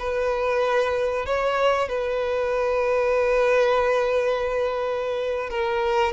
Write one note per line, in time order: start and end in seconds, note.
0.00 1.26 B4
1.26 1.89 C#5
1.89 5.50 B4
5.50 6.13 A#4